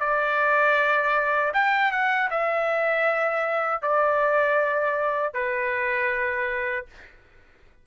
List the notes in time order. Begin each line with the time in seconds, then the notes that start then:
0.00 D5
1.53 G5
1.91 F#5
2.30 E5
3.82 D5
5.33 B4